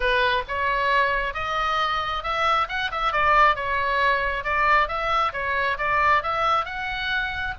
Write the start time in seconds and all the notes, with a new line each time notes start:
0.00 B4
0.48 C#5
1.34 D#5
2.23 E5
2.68 F#5
2.91 E5
3.12 D5
3.55 C#5
4.44 D5
4.88 E5
5.33 C#5
5.78 D5
6.22 E5
6.65 F#5